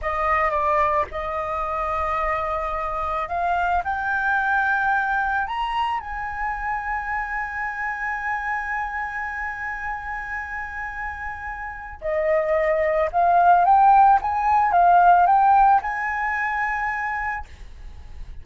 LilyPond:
\new Staff \with { instrumentName = "flute" } { \time 4/4 \tempo 4 = 110 dis''4 d''4 dis''2~ | dis''2 f''4 g''4~ | g''2 ais''4 gis''4~ | gis''1~ |
gis''1~ | gis''2 dis''2 | f''4 g''4 gis''4 f''4 | g''4 gis''2. | }